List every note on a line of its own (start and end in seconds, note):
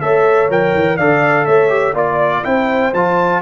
0.00 0.49 A3
0.00 0.49 A4
0.00 0.97 C#5
0.00 0.49 E5
0.49 0.73 F3
0.49 0.98 A#4
0.49 0.97 G5
0.74 0.98 E3
0.97 1.46 D3
0.97 1.69 A4
0.97 1.45 D5
0.97 1.45 F5
1.45 1.93 A3
1.45 1.94 C#5
1.45 1.94 E5
1.69 1.93 G4
1.93 2.42 A#3
1.93 2.43 F4
1.93 2.42 D5
1.93 2.44 D5
2.43 2.93 C4
2.43 2.92 E4
2.43 3.42 C5
2.43 2.93 G5
2.93 3.42 F3
2.93 3.42 F4
2.93 3.42 A5